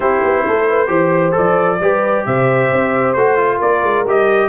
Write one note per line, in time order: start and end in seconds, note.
0.00 0.21 C4
0.00 0.87 E4
0.00 0.45 G4
0.00 1.35 C5
0.23 0.45 B3
0.46 0.88 A3
0.46 0.68 A4
0.68 0.88 B4
0.87 1.34 E3
0.87 1.32 G4
0.87 1.79 C5
1.32 1.80 F3
1.32 1.77 A4
1.32 2.25 D5
1.80 2.25 G3
1.80 3.16 G4
1.80 2.26 B4
2.25 2.71 C3
2.25 3.58 C5
2.25 3.13 E5
2.72 3.14 C4
3.13 3.60 A3
3.13 3.37 F#4
3.13 3.58 C5
3.37 4.05 F4
3.58 3.82 A#3
3.58 4.48 A#4
3.58 4.06 D5
3.82 4.05 G#3
4.06 4.49 G3
4.06 4.49 G4
4.06 4.49 D#5